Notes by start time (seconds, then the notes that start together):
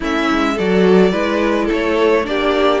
0.00 A3 C#4 E4 E5
0.31 G#3
0.54 F#3 F#4 A4 D5
1.11 G#3 E4 B4
1.65 A4
1.72 A3 C#5
2.23 A#3 D4 G4 D5